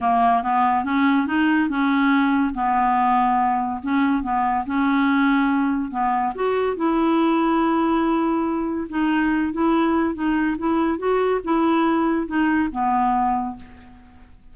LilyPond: \new Staff \with { instrumentName = "clarinet" } { \time 4/4 \tempo 4 = 142 ais4 b4 cis'4 dis'4 | cis'2 b2~ | b4 cis'4 b4 cis'4~ | cis'2 b4 fis'4 |
e'1~ | e'4 dis'4. e'4. | dis'4 e'4 fis'4 e'4~ | e'4 dis'4 b2 | }